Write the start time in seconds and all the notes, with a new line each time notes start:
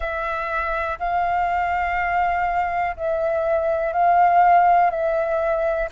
0.00 E5
0.99 F5
2.96 E5
3.93 F5
4.90 E5